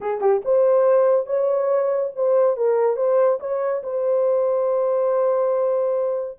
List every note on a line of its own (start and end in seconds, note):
0.00 0.20 G#4
0.20 0.42 G4
0.44 1.26 C5
1.26 2.11 C#5
2.15 2.56 C5
2.56 2.96 A#4
2.96 3.39 C5
3.39 3.82 C#5
3.83 6.38 C5